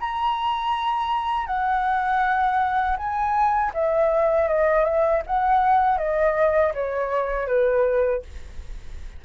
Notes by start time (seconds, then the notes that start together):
0.00 A#5
1.47 F#5
2.97 G#5
3.74 E5
4.48 D#5
4.84 E5
5.26 F#5
5.98 D#5
6.74 C#5
7.47 B4